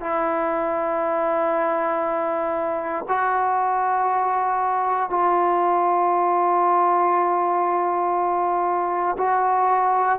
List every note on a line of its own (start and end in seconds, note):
0.00 3.05 E4
3.08 5.10 F#4
5.10 9.17 F4
9.18 10.19 F#4